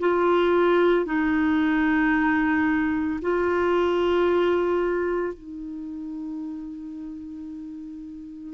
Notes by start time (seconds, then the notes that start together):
0.00 F4
1.06 D#4
3.22 F4
5.35 D#4